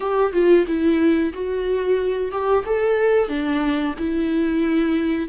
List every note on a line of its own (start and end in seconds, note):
0.00 0.32 G4
0.32 0.65 F4
0.67 1.32 E4
1.33 2.31 F#4
2.31 2.64 G4
2.65 3.28 A4
3.28 3.94 D4
3.98 5.28 E4